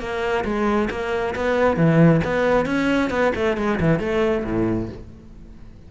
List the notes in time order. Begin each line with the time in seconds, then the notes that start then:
0.00 A#3
0.45 G#3
0.91 A#3
1.36 B3
1.77 E3
2.25 B3
2.66 C#4
3.11 B3
3.36 A3
3.58 G#3
3.81 E3
4.00 A3
4.45 A2